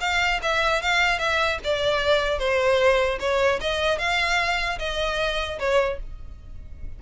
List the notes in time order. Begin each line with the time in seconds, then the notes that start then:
0.00 F5
0.42 E5
0.82 F5
1.19 E5
1.64 D5
2.39 C5
3.19 C#5
3.61 D#5
3.98 F5
4.78 D#5
5.59 C#5